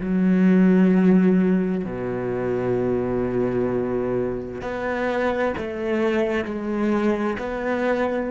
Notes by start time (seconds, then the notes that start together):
0.00 F#3
1.85 B2
4.62 B3
5.58 A3
6.45 G#3
7.39 B3